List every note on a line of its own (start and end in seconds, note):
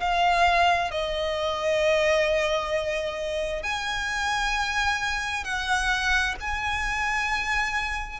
0.00 0.91 F5
0.91 3.63 D#5
3.63 5.44 G#5
5.44 6.35 F#5
6.40 8.20 G#5